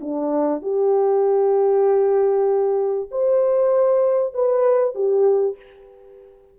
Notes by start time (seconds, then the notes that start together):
0.00 D4
0.62 G4
3.11 C5
4.34 B4
4.94 G4